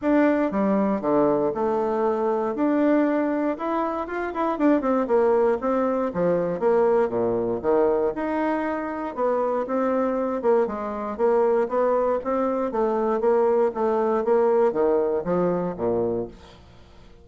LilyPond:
\new Staff \with { instrumentName = "bassoon" } { \time 4/4 \tempo 4 = 118 d'4 g4 d4 a4~ | a4 d'2 e'4 | f'8 e'8 d'8 c'8 ais4 c'4 | f4 ais4 ais,4 dis4 |
dis'2 b4 c'4~ | c'8 ais8 gis4 ais4 b4 | c'4 a4 ais4 a4 | ais4 dis4 f4 ais,4 | }